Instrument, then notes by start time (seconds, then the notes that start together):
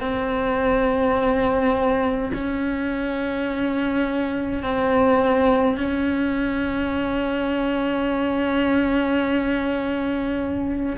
cello
0.00 C4
2.33 C#4
4.63 C4
5.77 C#4